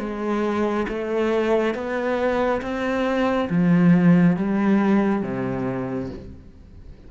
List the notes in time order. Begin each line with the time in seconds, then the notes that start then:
0.00 G#3
0.89 A3
1.75 B3
2.62 C4
3.50 F3
4.37 G3
5.23 C3